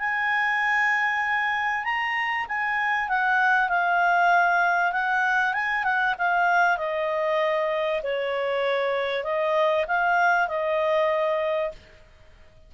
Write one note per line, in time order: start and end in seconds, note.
0.00 1.85 G#5
1.85 2.47 A#5
2.49 3.09 G#5
3.09 3.69 F#5
3.69 4.93 F5
4.93 5.54 F#5
5.54 5.84 G#5
5.84 6.15 F#5
6.19 6.78 F5
6.78 8.02 D#5
8.04 9.24 C#5
9.24 9.86 D#5
9.88 10.48 F5
10.48 11.72 D#5